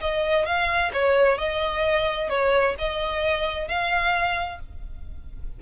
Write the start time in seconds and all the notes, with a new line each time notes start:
0.00 D#5
0.45 F5
0.93 C#5
1.38 D#5
2.29 C#5
2.78 D#5
3.68 F5